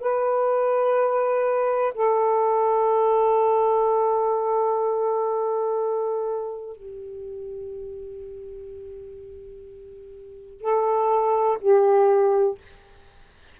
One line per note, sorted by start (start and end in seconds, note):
0.00 1.94 B4
1.94 6.77 A4
6.77 10.61 G4
10.61 11.58 A4
11.61 12.58 G4